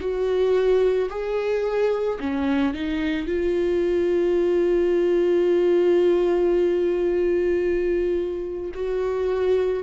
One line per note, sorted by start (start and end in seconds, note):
0.00 1.09 F#4
1.09 2.18 G#4
2.20 2.74 C#4
2.74 3.26 D#4
3.26 8.72 F4
8.74 9.83 F#4